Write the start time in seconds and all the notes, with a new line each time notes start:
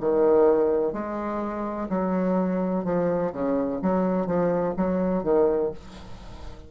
0.00 D#3
0.93 G#3
1.89 F#3
2.84 F3
3.32 C#3
3.82 F#3
4.26 F3
4.77 F#3
5.23 D#3